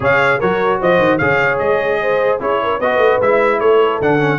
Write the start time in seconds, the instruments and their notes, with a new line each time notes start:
0.00 tuba C#3, trombone G#4, horn C#5, trumpet F5
0.38 tuba F#3, trombone F#4, horn A#4, trumpet C#5
0.80 tuba F3, horn C5, trumpet D#5
0.98 tuba D#3
1.18 tuba C#3, trombone G#4, horn C#5, trumpet F5
1.58 tuba G#3, trumpet D#5
2.01 horn C5
2.40 tuba C#4, trombone E4, horn G#4, trumpet C#5
2.63 horn A#4
2.78 tuba B3, trombone F#4, horn B4, trumpet D#5
2.97 tuba A3
3.21 tuba G#3, trombone E4, trumpet E5
3.59 tuba A3, horn A4, trumpet C#5
4.00 tuba D3, trombone D4, trumpet F#5
4.19 trombone C#4